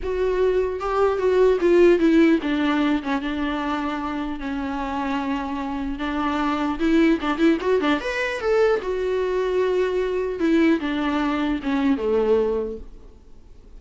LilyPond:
\new Staff \with { instrumentName = "viola" } { \time 4/4 \tempo 4 = 150 fis'2 g'4 fis'4 | f'4 e'4 d'4. cis'8 | d'2. cis'4~ | cis'2. d'4~ |
d'4 e'4 d'8 e'8 fis'8 d'8 | b'4 a'4 fis'2~ | fis'2 e'4 d'4~ | d'4 cis'4 a2 | }